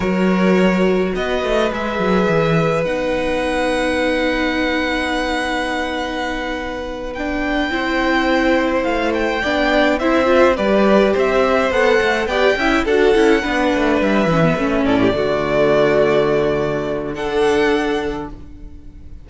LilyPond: <<
  \new Staff \with { instrumentName = "violin" } { \time 4/4 \tempo 4 = 105 cis''2 dis''4 e''4~ | e''4 fis''2.~ | fis''1~ | fis''8 g''2. f''8 |
g''4. e''4 d''4 e''8~ | e''8 fis''4 g''4 fis''4.~ | fis''8 e''4. d''2~ | d''2 fis''2 | }
  \new Staff \with { instrumentName = "violin" } { \time 4/4 ais'2 b'2~ | b'1~ | b'1~ | b'4. c''2~ c''8~ |
c''8 d''4 c''4 b'4 c''8~ | c''4. d''8 e''8 a'4 b'8~ | b'2 a'16 g'16 fis'4.~ | fis'2 a'2 | }
  \new Staff \with { instrumentName = "viola" } { \time 4/4 fis'2. gis'4~ | gis'4 dis'2.~ | dis'1~ | dis'8 d'4 e'2~ e'8~ |
e'8 d'4 e'8 f'8 g'4.~ | g'8 a'4 g'8 e'8 fis'8 e'8 d'8~ | d'4 cis'16 b16 cis'4 a4.~ | a2 d'2 | }
  \new Staff \with { instrumentName = "cello" } { \time 4/4 fis2 b8 a8 gis8 fis8 | e4 b2.~ | b1~ | b4. c'2 a8~ |
a8 b4 c'4 g4 c'8~ | c'8 b8 a8 b8 cis'8 d'8 cis'8 b8 | a8 g8 e8 a8 a,8 d4.~ | d1 | }
>>